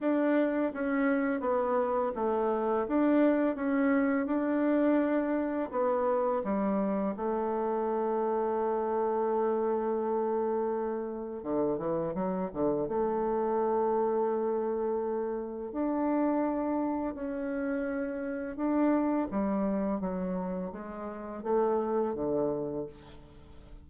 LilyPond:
\new Staff \with { instrumentName = "bassoon" } { \time 4/4 \tempo 4 = 84 d'4 cis'4 b4 a4 | d'4 cis'4 d'2 | b4 g4 a2~ | a1 |
d8 e8 fis8 d8 a2~ | a2 d'2 | cis'2 d'4 g4 | fis4 gis4 a4 d4 | }